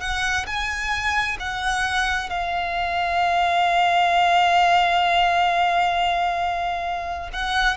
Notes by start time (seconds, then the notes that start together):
0.00 F#5
0.46 G#5
1.40 F#5
2.30 F5
7.33 F#5